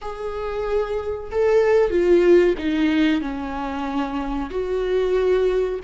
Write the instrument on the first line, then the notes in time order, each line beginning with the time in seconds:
viola
0.01 G#4
1.31 A4
1.90 F4
2.58 D#4
3.21 C#4
4.50 F#4